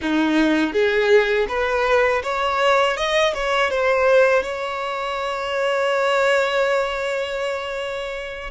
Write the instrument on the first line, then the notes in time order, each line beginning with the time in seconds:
violin
0.01 D#4
0.72 G#4
1.48 B4
2.23 C#5
2.96 D#5
3.33 C#5
3.70 C5
4.42 C#5